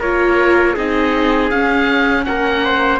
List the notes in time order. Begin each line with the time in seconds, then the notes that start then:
0.00 A#3 F4 A#4 C#5
0.74 C4 D#4 G#4 D#5
1.50 C#4 F5
2.25 A#3 A#4 F#5
2.65 C5